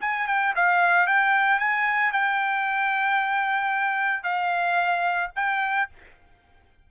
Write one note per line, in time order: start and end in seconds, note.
0.00 0.27 G#5
0.27 0.54 G5
0.55 1.07 F5
1.07 1.59 G5
1.59 2.12 G#5
2.12 4.23 G5
4.23 5.30 F5
5.35 5.89 G5